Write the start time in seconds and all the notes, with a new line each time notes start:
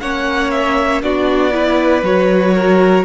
0.00 A#3 C#4 C#5 F#5
0.50 E5
1.02 B3 D4 F#4 D5
1.52 E4 B4
2.03 F#3 F#4 C#5
2.54 A#4